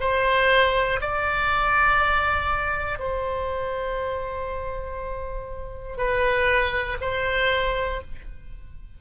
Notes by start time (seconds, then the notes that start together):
0.00 C5
1.01 D5
2.99 C5
5.98 B4
7.01 C5